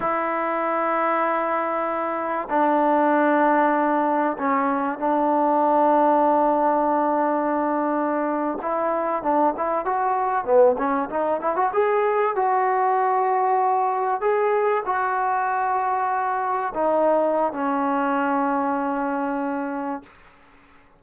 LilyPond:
\new Staff \with { instrumentName = "trombone" } { \time 4/4 \tempo 4 = 96 e'1 | d'2. cis'4 | d'1~ | d'4.~ d'16 e'4 d'8 e'8 fis'16~ |
fis'8. b8 cis'8 dis'8 e'16 fis'16 gis'4 fis'16~ | fis'2~ fis'8. gis'4 fis'16~ | fis'2~ fis'8. dis'4~ dis'16 | cis'1 | }